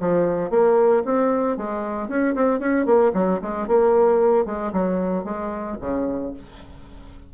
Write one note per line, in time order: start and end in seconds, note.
0.00 0.51 F3
0.51 1.03 A#3
1.06 1.57 C4
1.57 2.08 G#3
2.08 2.35 C#4
2.35 2.60 C4
2.60 2.86 C#4
2.86 3.12 A#3
3.14 3.40 F#3
3.42 3.68 G#3
3.68 4.46 A#3
4.46 4.72 G#3
4.73 5.25 F#3
5.25 5.77 G#3
5.81 6.33 C#3